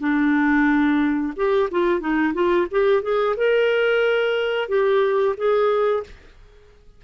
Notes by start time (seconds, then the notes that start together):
0.00 D4
1.36 G4
1.71 F4
2.00 D#4
2.34 F4
2.71 G4
3.03 G#4
3.37 A#4
4.68 G4
5.37 G#4